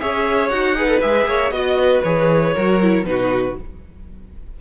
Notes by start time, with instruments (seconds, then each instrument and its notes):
0.00 cello C#4, viola G#4, violin C#5 E5
0.49 cello D#4, viola F#4, violin F#5
0.76 viola G#4, violin B4
0.88 viola A4
1.01 cello G#3, viola G#4, violin E5
1.26 cello A#3, violin C#5
1.51 cello B3, viola F#4, violin D#5
1.79 violin B4
2.04 cello E3, viola G#4, violin C#5
2.54 cello F#3, viola F#4, violin A#4
2.82 viola E4
3.04 cello B2, viola D#4, violin B4
3.10 violin F#4